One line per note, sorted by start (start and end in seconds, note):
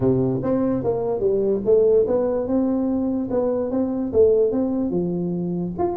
0.00 0.41 C3
0.42 0.83 C4
0.83 1.19 A#3
1.19 1.60 G3
1.65 2.06 A3
2.07 2.47 B3
2.47 3.29 C4
3.30 3.70 B3
3.70 4.12 C4
4.12 4.51 A3
4.51 4.90 C4
4.90 5.72 F3
5.78 5.97 F4